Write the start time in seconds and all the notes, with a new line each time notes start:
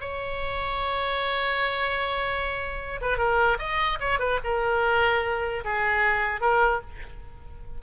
0.00 C#5
3.01 B4
3.17 A#4
3.59 D#5
4.00 C#5
4.19 B4
4.44 A#4
5.64 G#4
6.41 A#4